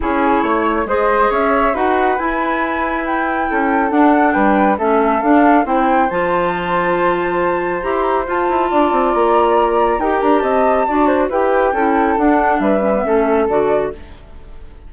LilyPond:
<<
  \new Staff \with { instrumentName = "flute" } { \time 4/4 \tempo 4 = 138 cis''2 dis''4 e''4 | fis''4 gis''2 g''4~ | g''4 fis''4 g''4 e''4 | f''4 g''4 a''2~ |
a''2 ais''16 c'''16 ais''8 a''4~ | a''4 ais''2 g''8 ais''8 | a''2 g''2 | fis''4 e''2 d''4 | }
  \new Staff \with { instrumentName = "flute" } { \time 4/4 gis'4 cis''4 c''4 cis''4 | b'1 | a'2 b'4 a'4~ | a'4 c''2.~ |
c''1 | d''2. ais'4 | dis''4 d''8 c''8 b'4 a'4~ | a'4 b'4 a'2 | }
  \new Staff \with { instrumentName = "clarinet" } { \time 4/4 e'2 gis'2 | fis'4 e'2.~ | e'4 d'2 cis'4 | d'4 e'4 f'2~ |
f'2 g'4 f'4~ | f'2. g'4~ | g'4 fis'4 g'4 e'4 | d'4. cis'16 b16 cis'4 fis'4 | }
  \new Staff \with { instrumentName = "bassoon" } { \time 4/4 cis'4 a4 gis4 cis'4 | dis'4 e'2. | cis'4 d'4 g4 a4 | d'4 c'4 f2~ |
f2 e'4 f'8 e'8 | d'8 c'8 ais2 dis'8 d'8 | c'4 d'4 e'4 cis'4 | d'4 g4 a4 d4 | }
>>